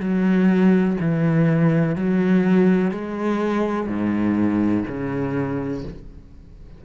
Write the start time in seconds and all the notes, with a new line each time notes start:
0.00 F#3
1.00 E3
1.96 F#3
2.91 G#3
3.87 G#2
4.87 C#3